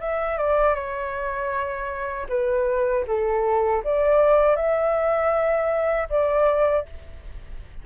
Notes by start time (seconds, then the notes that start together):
0.00 E5
0.38 D5
0.75 C#5
2.29 B4
3.07 A4
3.84 D5
4.56 E5
6.10 D5